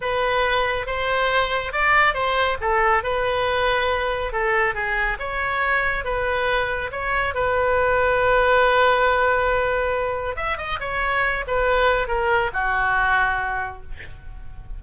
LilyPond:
\new Staff \with { instrumentName = "oboe" } { \time 4/4 \tempo 4 = 139 b'2 c''2 | d''4 c''4 a'4 b'4~ | b'2 a'4 gis'4 | cis''2 b'2 |
cis''4 b'2.~ | b'1 | e''8 dis''8 cis''4. b'4. | ais'4 fis'2. | }